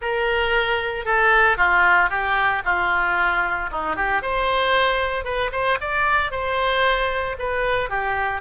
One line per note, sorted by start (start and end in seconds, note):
0.01 1.05 A#4
1.05 1.57 A4
1.57 2.09 F4
2.09 2.62 G4
2.64 3.70 F4
3.71 3.95 D#4
3.95 4.22 G4
4.22 5.24 C5
5.24 5.50 B4
5.52 5.78 C5
5.80 6.31 D5
6.31 7.36 C5
7.38 7.89 B4
7.89 8.41 G4